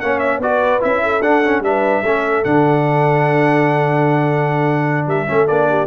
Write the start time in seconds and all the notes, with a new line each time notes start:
0.00 A#3 C#4 C#5 F#5
0.19 E5
0.38 B3 F#4 D5
0.44 B4
0.80 C#4 E4 E5
1.03 A4
1.20 D4 F#5
1.44 C#4
1.60 G3 D4 B4 E5
2.03 A3 C#4 A4
2.44 D3 D4 F#5
5.05 G3 A#4 E5
5.27 A3 C#4 A4
5.47 A#3 D4 D5
5.69 G4